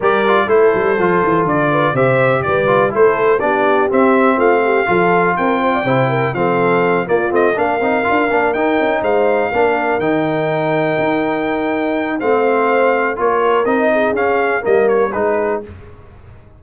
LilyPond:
<<
  \new Staff \with { instrumentName = "trumpet" } { \time 4/4 \tempo 4 = 123 d''4 c''2 d''4 | e''4 d''4 c''4 d''4 | e''4 f''2 g''4~ | g''4 f''4. d''8 dis''8 f''8~ |
f''4. g''4 f''4.~ | f''8 g''2.~ g''8~ | g''4 f''2 cis''4 | dis''4 f''4 dis''8 cis''8 b'4 | }
  \new Staff \with { instrumentName = "horn" } { \time 4/4 ais'4 a'2~ a'8 b'8 | c''4 b'4 a'4 g'4~ | g'4 f'8 g'8 a'4 ais'8 c''16 d''16 | c''8 ais'8 a'4. f'4 ais'8~ |
ais'2~ ais'8 c''4 ais'8~ | ais'1~ | ais'4 c''2 ais'4~ | ais'8 gis'4. ais'4 gis'4 | }
  \new Staff \with { instrumentName = "trombone" } { \time 4/4 g'8 f'8 e'4 f'2 | g'4. f'8 e'4 d'4 | c'2 f'2 | e'4 c'4. ais8 c'8 d'8 |
dis'8 f'8 d'8 dis'2 d'8~ | d'8 dis'2.~ dis'8~ | dis'4 c'2 f'4 | dis'4 cis'4 ais4 dis'4 | }
  \new Staff \with { instrumentName = "tuba" } { \time 4/4 g4 a8 g8 f8 e8 d4 | c4 g4 a4 b4 | c'4 a4 f4 c'4 | c4 f4. ais8 a8 ais8 |
c'8 d'8 ais8 dis'8 cis'8 gis4 ais8~ | ais8 dis2 dis'4.~ | dis'4 a2 ais4 | c'4 cis'4 g4 gis4 | }
>>